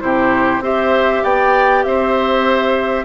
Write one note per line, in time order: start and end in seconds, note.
0.00 0.60 C3
0.00 0.61 E4
0.00 0.63 G4
0.00 0.62 C5
0.60 1.21 C4
0.60 3.05 G4
0.60 1.23 C5
0.60 1.24 E5
1.23 1.84 B3
1.23 1.84 D5
1.23 1.83 G5
1.83 3.05 C4
1.83 3.05 C5
1.83 3.05 E5